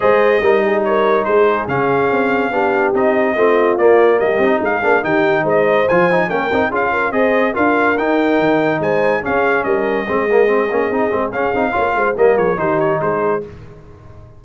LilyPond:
<<
  \new Staff \with { instrumentName = "trumpet" } { \time 4/4 \tempo 4 = 143 dis''2 cis''4 c''4 | f''2. dis''4~ | dis''4 d''4 dis''4 f''4 | g''4 dis''4 gis''4 g''4 |
f''4 dis''4 f''4 g''4~ | g''4 gis''4 f''4 dis''4~ | dis''2. f''4~ | f''4 dis''8 cis''8 c''8 cis''8 c''4 | }
  \new Staff \with { instrumentName = "horn" } { \time 4/4 c''4 ais'8 gis'8 ais'4 gis'4~ | gis'2 g'2 | f'2 g'4 gis'4 | g'4 c''2 ais'4 |
gis'8 ais'8 c''4 ais'2~ | ais'4 c''4 gis'4 ais'4 | gis'1 | cis''8 c''8 ais'8 gis'8 g'4 gis'4 | }
  \new Staff \with { instrumentName = "trombone" } { \time 4/4 gis'4 dis'2. | cis'2 d'4 dis'4 | c'4 ais4. dis'4 d'8 | dis'2 f'8 dis'8 cis'8 dis'8 |
f'4 gis'4 f'4 dis'4~ | dis'2 cis'2 | c'8 ais8 c'8 cis'8 dis'8 c'8 cis'8 dis'8 | f'4 ais4 dis'2 | }
  \new Staff \with { instrumentName = "tuba" } { \time 4/4 gis4 g2 gis4 | cis4 c'4 b4 c'4 | a4 ais4 g8 c'8 gis8 ais8 | dis4 gis4 f4 ais8 c'8 |
cis'4 c'4 d'4 dis'4 | dis4 gis4 cis'4 g4 | gis4. ais8 c'8 gis8 cis'8 c'8 | ais8 gis8 g8 f8 dis4 gis4 | }
>>